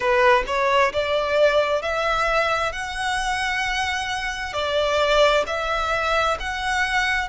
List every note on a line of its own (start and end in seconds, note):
0.00 0.43 B4
0.47 0.92 C#5
0.92 1.81 D5
1.81 2.72 E5
2.72 4.52 F#5
4.52 5.43 D5
5.46 6.37 E5
6.39 7.28 F#5